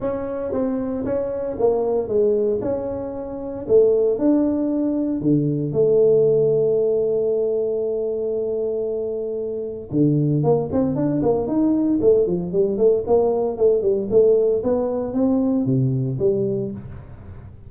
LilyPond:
\new Staff \with { instrumentName = "tuba" } { \time 4/4 \tempo 4 = 115 cis'4 c'4 cis'4 ais4 | gis4 cis'2 a4 | d'2 d4 a4~ | a1~ |
a2. d4 | ais8 c'8 d'8 ais8 dis'4 a8 f8 | g8 a8 ais4 a8 g8 a4 | b4 c'4 c4 g4 | }